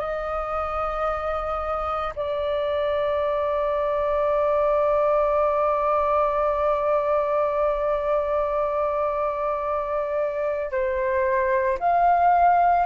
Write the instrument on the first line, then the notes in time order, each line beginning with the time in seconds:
flute
0.00 D#5
2.16 D5
10.72 C5
11.80 F5